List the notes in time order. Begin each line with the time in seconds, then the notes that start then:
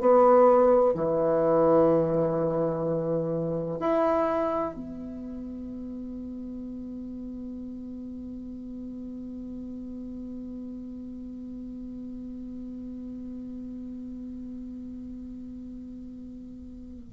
0.00 B3
0.94 E3
3.80 E4
4.74 B3